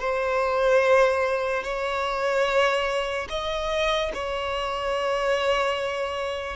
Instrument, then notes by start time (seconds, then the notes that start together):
violin
0.00 C5
1.64 C#5
3.30 D#5
4.14 C#5